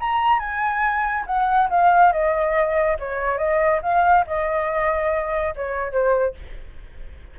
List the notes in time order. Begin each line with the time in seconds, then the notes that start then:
0.00 A#5
0.39 G#5
1.27 F#5
1.70 F5
2.13 D#5
2.99 C#5
3.38 D#5
3.83 F5
4.27 D#5
5.56 C#5
5.92 C5